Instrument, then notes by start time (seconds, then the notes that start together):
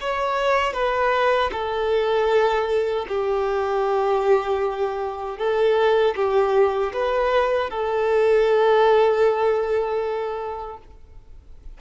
violin
0.00 C#5
0.73 B4
1.52 A4
3.08 G4
5.38 A4
6.15 G4
6.93 B4
7.70 A4